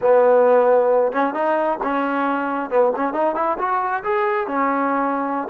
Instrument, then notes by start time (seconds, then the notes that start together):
trombone
0.01 B3
1.12 C#4
1.34 D#4
1.83 C#4
2.70 B3
2.96 C#4
3.13 D#4
3.35 E4
3.58 F#4
4.03 G#4
4.47 C#4